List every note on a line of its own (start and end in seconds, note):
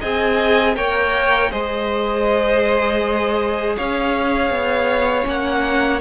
0.00 0.76 C4
0.00 0.75 G#4
0.00 0.75 D#5
0.00 0.76 G#5
0.75 1.51 A#3
0.75 1.50 A#4
0.75 1.51 C#5
0.75 1.51 G5
1.51 3.77 G#3
1.51 5.23 G#4
1.51 3.76 C5
1.51 3.76 D#5
3.77 4.50 C#4
3.77 6.00 C#5
3.77 5.27 F5
4.50 5.25 B3
5.23 6.00 A#3
5.23 5.98 C#4
5.23 6.00 F#5